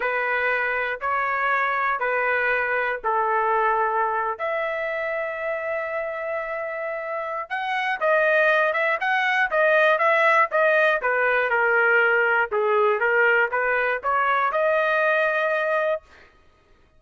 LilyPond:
\new Staff \with { instrumentName = "trumpet" } { \time 4/4 \tempo 4 = 120 b'2 cis''2 | b'2 a'2~ | a'8. e''2.~ e''16~ | e''2. fis''4 |
dis''4. e''8 fis''4 dis''4 | e''4 dis''4 b'4 ais'4~ | ais'4 gis'4 ais'4 b'4 | cis''4 dis''2. | }